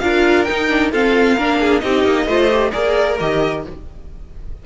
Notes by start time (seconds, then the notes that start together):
0.00 D4 F4 A#4 F5
0.45 D#4 G5
0.51 D#4
0.69 D4
0.92 C4 F4 A4 F5
1.36 A#3 D4 A#4
1.60 G#4
1.80 C4 D#4 G4 D#5
2.04 A#3
2.26 A3 F4 C5
2.51 G4
2.72 A#3 G#4 A#4 D5
3.20 D#3 G4 D#5